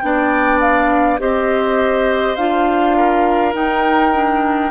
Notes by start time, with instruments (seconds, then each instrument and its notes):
0.00 bassoon B3, clarinet D4, oboe D5, flute G5
0.61 flute F5
1.19 bassoon C4, clarinet G4, oboe C5, flute D#5
2.36 bassoon D4, clarinet F4, flute F5
2.97 oboe A#4
3.53 clarinet D#4, bassoon D#4, flute G5
4.13 clarinet D4